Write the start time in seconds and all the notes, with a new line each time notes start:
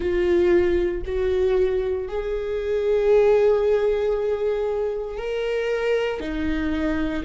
0.00 F4
1.05 F#4
2.07 G#4
5.17 A#4
6.20 D#4